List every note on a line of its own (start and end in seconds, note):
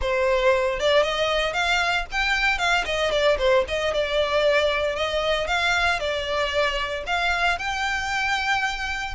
0.01 0.79 C5
0.79 1.02 D5
1.02 1.53 D#5
1.53 2.05 F5
2.11 2.58 G5
2.58 2.84 F5
2.85 3.11 D#5
3.11 3.37 D5
3.38 3.64 C5
3.68 3.93 D#5
3.93 4.95 D5
4.95 5.47 D#5
5.47 5.99 F5
5.99 7.04 D5
7.06 7.58 F5
7.58 9.14 G5